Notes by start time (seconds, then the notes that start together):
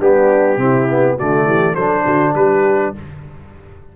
0.00 G3 B3 D4 G4
0.56 C3 C4 E4
0.90 B3
1.16 D3 A3 F#4 D5
1.45 E3 G4
1.75 F#3 D4 A4 C5
2.05 D3 F#4
2.34 G3 G4 B4